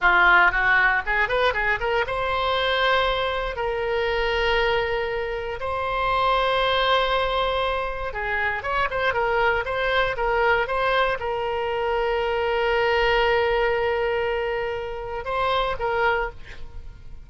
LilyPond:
\new Staff \with { instrumentName = "oboe" } { \time 4/4 \tempo 4 = 118 f'4 fis'4 gis'8 b'8 gis'8 ais'8 | c''2. ais'4~ | ais'2. c''4~ | c''1 |
gis'4 cis''8 c''8 ais'4 c''4 | ais'4 c''4 ais'2~ | ais'1~ | ais'2 c''4 ais'4 | }